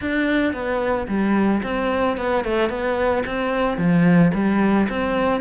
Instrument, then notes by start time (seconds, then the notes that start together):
cello
0.01 D4
0.53 B3
1.08 G3
1.63 C4
2.17 B3
2.44 A3
2.69 B3
3.26 C4
3.77 F3
4.33 G3
4.89 C4